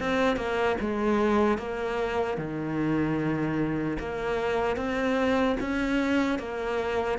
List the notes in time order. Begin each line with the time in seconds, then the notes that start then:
0.00 C4
0.37 A#3
0.81 G#3
1.59 A#3
2.38 D#3
4.00 A#3
4.77 C4
5.61 C#4
6.39 A#3